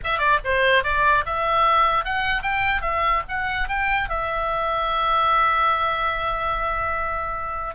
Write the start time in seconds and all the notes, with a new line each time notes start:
0.03 E5
0.18 D5
0.44 C5
0.83 D5
1.25 E5
2.04 F#5
2.42 G5
2.81 E5
3.28 F#5
3.68 G5
4.09 E5